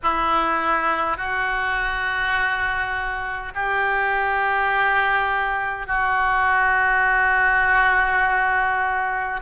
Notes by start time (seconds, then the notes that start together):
0.03 E4
1.17 F#4
3.55 G4
5.87 F#4